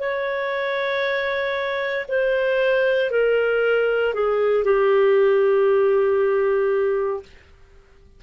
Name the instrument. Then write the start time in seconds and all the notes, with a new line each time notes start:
clarinet
0.00 C#5
2.08 C5
3.11 A#4
4.14 G#4
4.65 G4